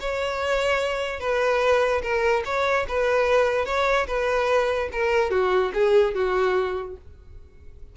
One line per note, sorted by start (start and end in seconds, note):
0.00 1.20 C#5
1.20 2.02 B4
2.02 2.43 A#4
2.45 2.86 C#5
2.88 3.65 B4
3.65 4.06 C#5
4.07 4.89 B4
4.92 5.30 A#4
5.30 5.71 F#4
5.73 6.14 G#4
6.14 6.96 F#4